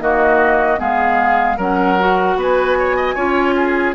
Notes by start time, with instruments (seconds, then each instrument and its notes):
0.00 bassoon D#3, clarinet A#3, oboe F#4, flute D#5
0.77 bassoon G#3, clarinet B3, oboe G#4, flute F5
1.57 bassoon F#3, clarinet C#4, oboe A#4, flute F#5
1.99 clarinet F#4
2.36 bassoon B3, oboe B4
2.42 flute G#5
2.79 oboe C#5
2.96 oboe D#5
3.15 bassoon C#4, clarinet F4, oboe C#5
3.57 oboe G#4